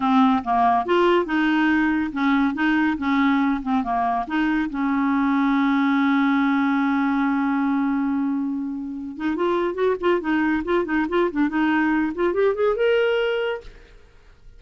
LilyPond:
\new Staff \with { instrumentName = "clarinet" } { \time 4/4 \tempo 4 = 141 c'4 ais4 f'4 dis'4~ | dis'4 cis'4 dis'4 cis'4~ | cis'8 c'8 ais4 dis'4 cis'4~ | cis'1~ |
cis'1~ | cis'4. dis'8 f'4 fis'8 f'8 | dis'4 f'8 dis'8 f'8 d'8 dis'4~ | dis'8 f'8 g'8 gis'8 ais'2 | }